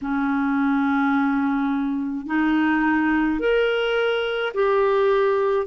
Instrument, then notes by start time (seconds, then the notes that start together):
clarinet
0.01 C#4
2.26 D#4
3.40 A#4
4.54 G4